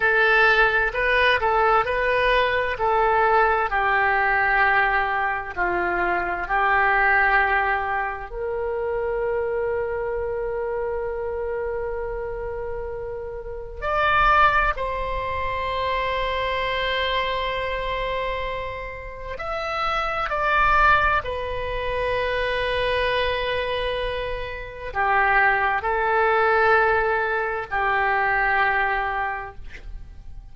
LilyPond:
\new Staff \with { instrumentName = "oboe" } { \time 4/4 \tempo 4 = 65 a'4 b'8 a'8 b'4 a'4 | g'2 f'4 g'4~ | g'4 ais'2.~ | ais'2. d''4 |
c''1~ | c''4 e''4 d''4 b'4~ | b'2. g'4 | a'2 g'2 | }